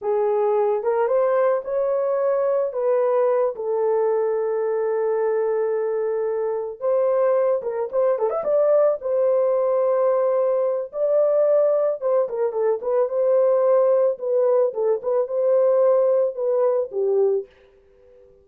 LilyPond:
\new Staff \with { instrumentName = "horn" } { \time 4/4 \tempo 4 = 110 gis'4. ais'8 c''4 cis''4~ | cis''4 b'4. a'4.~ | a'1~ | a'8 c''4. ais'8 c''8 a'16 e''16 d''8~ |
d''8 c''2.~ c''8 | d''2 c''8 ais'8 a'8 b'8 | c''2 b'4 a'8 b'8 | c''2 b'4 g'4 | }